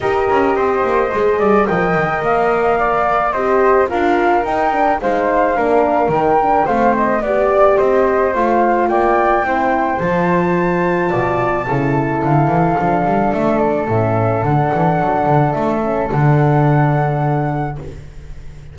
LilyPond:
<<
  \new Staff \with { instrumentName = "flute" } { \time 4/4 \tempo 4 = 108 dis''2. g''4 | f''2 dis''4 f''4 | g''4 f''2 g''4 | f''8 dis''8 d''4 dis''4 f''4 |
g''2 a''2~ | a''2 f''2 | e''8 d''8 e''4 fis''2 | e''4 fis''2. | }
  \new Staff \with { instrumentName = "flute" } { \time 4/4 ais'4 c''4. d''8 dis''4~ | dis''4 d''4 c''4 ais'4~ | ais'4 c''4 ais'2 | c''4 d''4 c''2 |
d''4 c''2. | d''4 a'2.~ | a'1~ | a'1 | }
  \new Staff \with { instrumentName = "horn" } { \time 4/4 g'2 gis'4 ais'4~ | ais'2 g'4 f'4 | dis'8 d'8 dis'4 d'4 dis'8 d'8 | c'4 g'2 f'4~ |
f'4 e'4 f'2~ | f'4 e'2 d'4~ | d'4 cis'4 d'2~ | d'8 cis'8 d'2. | }
  \new Staff \with { instrumentName = "double bass" } { \time 4/4 dis'8 cis'8 c'8 ais8 gis8 g8 f8 dis8 | ais2 c'4 d'4 | dis'4 gis4 ais4 dis4 | a4 b4 c'4 a4 |
ais4 c'4 f2 | b,4 cis4 d8 e8 f8 g8 | a4 a,4 d8 e8 fis8 d8 | a4 d2. | }
>>